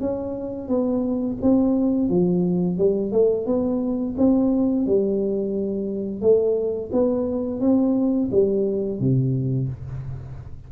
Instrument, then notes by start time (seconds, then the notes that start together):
tuba
0.00 C#4
0.68 B3
1.41 C4
2.08 F3
2.77 G3
3.12 A3
3.46 B3
4.17 C4
4.86 G3
6.21 A3
6.92 B3
7.60 C4
8.31 G3
8.99 C3